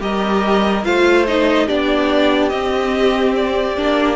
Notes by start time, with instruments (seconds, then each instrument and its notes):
0.00 cello G3, viola G4, violin A#4 D#5
0.84 cello A3, viola F4, violin C5 F5
1.27 viola D#4, violin D#5
1.66 cello B3, viola D4, violin G4 D5
2.49 viola C4, cello C4, violin D#5
3.36 violin D5
3.77 cello A#3, viola D4